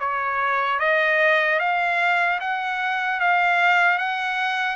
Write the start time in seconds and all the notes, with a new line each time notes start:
0.00 C#5
0.80 D#5
1.60 F5
2.40 F#5
3.20 F5
3.98 F#5